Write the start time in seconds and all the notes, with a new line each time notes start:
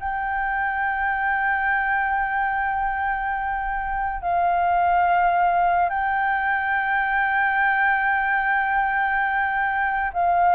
0.00 G5
4.22 F5
5.90 G5
10.14 F5